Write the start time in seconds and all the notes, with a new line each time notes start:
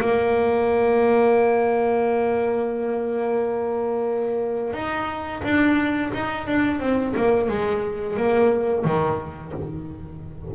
0.00 A#3
4.73 D#4
5.43 D4
6.13 D#4
6.46 D4
6.79 C4
7.16 A#3
7.48 G#3
8.16 A#3
8.84 D#3